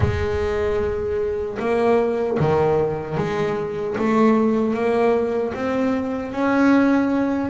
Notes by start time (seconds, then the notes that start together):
0.00 G#3
1.59 A#3
2.39 D#3
3.17 G#3
3.98 A3
4.74 A#3
5.54 C4
6.32 C#4